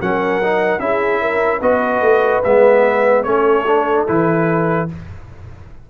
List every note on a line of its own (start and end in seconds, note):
0.00 0.79 F#3
0.00 0.42 C#4
0.00 0.81 A#4
0.00 0.79 F#5
0.42 0.79 D#4
0.79 1.60 C#4
0.79 1.60 E4
0.79 1.21 G#4
0.79 1.60 E5
1.21 1.59 A#4
1.59 2.01 B3
1.59 2.43 F#4
1.59 3.21 B4
1.59 2.43 D#5
2.01 2.42 A3
2.43 3.25 G#3
2.43 3.25 B3
2.43 3.23 E5
3.23 4.06 A3
3.23 3.65 C#4
3.23 4.90 A4
3.23 4.04 C#5
3.67 4.07 D4
4.07 4.90 E3
4.07 4.88 E4
4.07 4.89 B4